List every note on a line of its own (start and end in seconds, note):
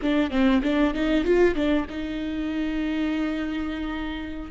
0.01 0.30 D4
0.30 0.61 C4
0.62 0.94 D4
0.94 1.24 D#4
1.24 1.55 F4
1.55 1.86 D4
1.89 4.51 D#4